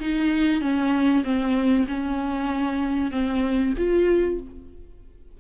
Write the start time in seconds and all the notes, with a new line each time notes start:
0.00 D#4
0.61 C#4
1.24 C4
1.88 C#4
3.12 C4
3.78 F4